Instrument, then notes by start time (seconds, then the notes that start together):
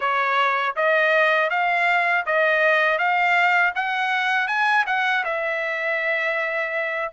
trumpet
0.00 C#5
0.76 D#5
1.50 F5
2.26 D#5
2.98 F5
3.75 F#5
4.47 G#5
4.86 F#5
5.24 E5